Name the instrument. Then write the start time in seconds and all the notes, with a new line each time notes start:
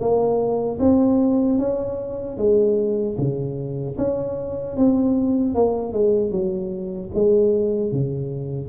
tuba
0.00 A#3
0.80 C4
1.59 C#4
2.38 G#3
3.18 C#3
3.98 C#4
4.77 C4
5.55 A#3
5.93 G#3
6.31 F#3
7.14 G#3
7.92 C#3